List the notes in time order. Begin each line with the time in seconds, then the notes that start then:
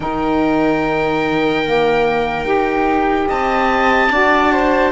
0.00 D#3 D#4 A#4 G5
1.65 A#3
2.44 D#4 G4
3.28 C4 D#5 A5
4.09 D4 F#4 D5
4.52 C5